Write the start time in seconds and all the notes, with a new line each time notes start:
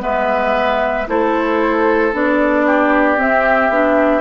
0.00 G#3 B3 B4 E5
1.07 A3 E4 A4 C5
2.13 B3 D4 D5
2.66 G4
3.17 C4 E5
3.70 B3 D4